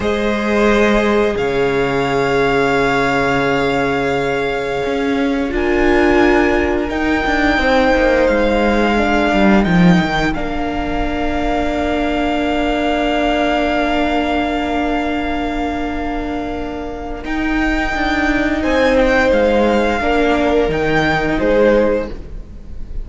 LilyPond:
<<
  \new Staff \with { instrumentName = "violin" } { \time 4/4 \tempo 4 = 87 dis''2 f''2~ | f''1 | gis''2 g''2 | f''2 g''4 f''4~ |
f''1~ | f''1~ | f''4 g''2 gis''8 g''8 | f''2 g''4 c''4 | }
  \new Staff \with { instrumentName = "violin" } { \time 4/4 c''2 cis''2~ | cis''1 | ais'2. c''4~ | c''4 ais'2.~ |
ais'1~ | ais'1~ | ais'2. c''4~ | c''4 ais'2 gis'4 | }
  \new Staff \with { instrumentName = "viola" } { \time 4/4 gis'1~ | gis'1 | f'2 dis'2~ | dis'4 d'4 dis'4 d'4~ |
d'1~ | d'1~ | d'4 dis'2.~ | dis'4 d'4 dis'2 | }
  \new Staff \with { instrumentName = "cello" } { \time 4/4 gis2 cis2~ | cis2. cis'4 | d'2 dis'8 d'8 c'8 ais8 | gis4. g8 f8 dis8 ais4~ |
ais1~ | ais1~ | ais4 dis'4 d'4 c'4 | gis4 ais4 dis4 gis4 | }
>>